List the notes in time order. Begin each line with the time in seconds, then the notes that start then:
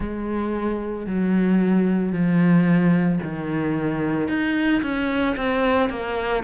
0.00 G#3
1.06 F#3
2.12 F3
3.23 D#3
4.28 D#4
4.82 C#4
5.36 C4
5.89 A#3